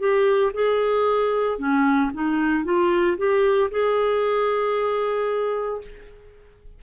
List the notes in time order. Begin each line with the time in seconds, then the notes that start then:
0.00 G4
0.54 G#4
1.59 C#4
2.14 D#4
2.65 F4
3.18 G4
3.71 G#4